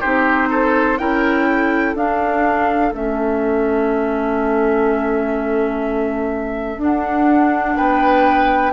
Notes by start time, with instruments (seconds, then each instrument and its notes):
0.00 bassoon C4, clarinet D#4, oboe G4, flute C5
0.50 oboe A4
0.98 bassoon C#4, clarinet E4, oboe A#4, flute G5
1.48 oboe A4
1.94 bassoon D4, clarinet D4, flute F5
2.91 bassoon A3, clarinet C#4, flute E5
6.77 bassoon D4, clarinet D4, flute F#5
7.76 bassoon B3, oboe B4, flute G5